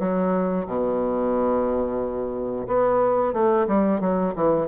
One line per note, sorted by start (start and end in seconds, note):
0.00 0.67 F#3
0.67 2.67 B2
2.68 3.34 B3
3.34 3.67 A3
3.68 4.01 G3
4.01 4.34 F#3
4.35 4.68 E3